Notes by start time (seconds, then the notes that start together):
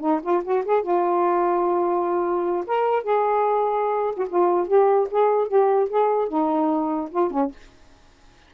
0.00 D#4
0.23 F4
0.44 F#4
0.65 G#4
0.82 F4
2.67 A#4
3.03 G#4
4.16 F#4
4.29 F4
4.68 G4
5.11 G#4
5.48 G4
5.89 G#4
6.29 D#4
7.11 F4
7.31 C#4